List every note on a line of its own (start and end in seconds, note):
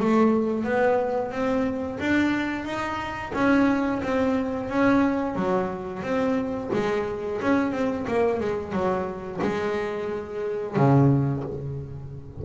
0.00 0.64 A3
0.64 1.31 B3
1.31 1.99 C4
1.99 2.64 D4
2.64 3.32 D#4
3.34 4.01 C#4
4.03 4.69 C4
4.69 5.35 C#4
5.35 6.02 F#3
6.02 6.70 C4
6.73 7.41 G#3
7.41 7.72 C#4
7.72 8.06 C4
8.07 8.40 A#3
8.40 8.72 G#3
8.72 9.40 F#3
9.42 10.76 G#3
10.76 11.44 C#3